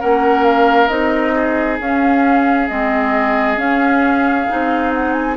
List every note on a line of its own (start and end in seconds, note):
0.00 0.90 A#3
0.00 0.90 C#4
0.00 1.35 A#4
0.00 0.44 F#5
0.44 0.88 F5
0.88 1.79 C4
0.88 1.79 D#4
0.88 1.78 D#5
1.35 5.37 G#4
1.80 2.70 C#4
1.80 2.69 F5
2.69 3.57 G#3
2.69 3.57 C4
2.69 3.59 D#5
3.57 4.46 C#4
3.57 4.47 C#4
3.57 4.93 F5
4.49 5.37 C4
4.49 5.37 D#4
4.94 5.13 F#5
5.13 5.36 G#5